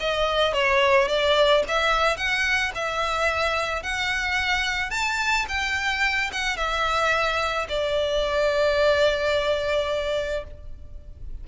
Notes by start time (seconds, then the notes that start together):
0.00 D#5
0.53 C#5
1.08 D5
1.68 E5
2.17 F#5
2.75 E5
3.83 F#5
4.90 A5
5.48 G5
6.32 F#5
6.57 E5
7.69 D5